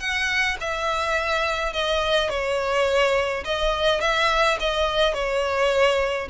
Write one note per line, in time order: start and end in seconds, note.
0.00 0.57 F#5
0.61 1.74 E5
1.74 2.30 D#5
2.30 3.44 C#5
3.45 4.01 D#5
4.01 4.58 E5
4.60 5.14 D#5
5.14 6.29 C#5